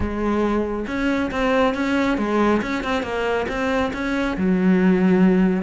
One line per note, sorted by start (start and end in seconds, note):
0.00 0.86 G#3
0.87 1.30 C#4
1.31 1.74 C4
1.74 2.17 C#4
2.17 2.61 G#3
2.61 2.83 C#4
2.83 3.02 C4
3.02 3.46 A#3
3.48 3.92 C4
3.93 4.36 C#4
4.37 5.62 F#3